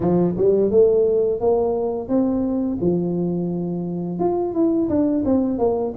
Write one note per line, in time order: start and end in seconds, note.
0.00 0.35 F3
0.37 0.70 G3
0.70 1.40 A3
1.40 2.08 A#3
2.08 2.78 C4
2.81 4.19 F3
4.19 4.53 F4
4.53 4.88 E4
4.89 5.24 D4
5.25 5.58 C4
5.58 5.93 A#3